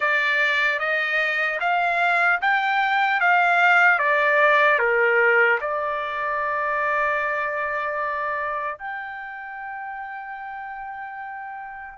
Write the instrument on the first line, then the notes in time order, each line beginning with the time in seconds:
trumpet
0.00 D5
0.79 D#5
1.60 F5
2.41 G5
3.20 F5
3.99 D5
4.79 A#4
5.60 D5
8.78 G5